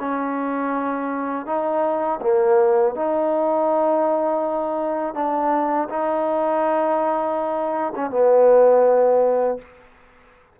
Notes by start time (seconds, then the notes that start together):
0.00 C#4
1.46 D#4
2.22 A#3
2.96 D#4
5.14 D4
5.90 D#4
7.96 C#4
8.10 B3